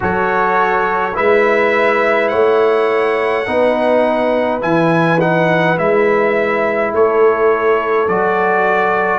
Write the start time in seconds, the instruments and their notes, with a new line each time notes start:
0.00 tuba F#3, trombone F#4, horn A4, trumpet C#5
1.14 tuba G#3, trombone E4, horn B4, trumpet E5
2.28 tuba A3, horn C#5, trumpet F#5
3.46 tuba B3, trombone D#4, horn B4
4.60 tuba E3, trombone E4, trumpet G#5
5.19 trombone D#4, trumpet F#5
5.76 tuba G#3, trombone E4, trumpet E5
6.92 tuba A3, horn A4, trumpet C#5
8.08 tuba F#3, trombone F#4, trumpet D5